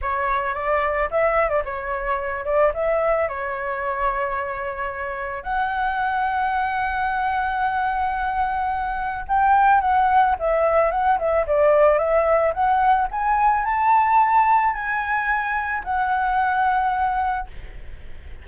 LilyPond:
\new Staff \with { instrumentName = "flute" } { \time 4/4 \tempo 4 = 110 cis''4 d''4 e''8. d''16 cis''4~ | cis''8 d''8 e''4 cis''2~ | cis''2 fis''2~ | fis''1~ |
fis''4 g''4 fis''4 e''4 | fis''8 e''8 d''4 e''4 fis''4 | gis''4 a''2 gis''4~ | gis''4 fis''2. | }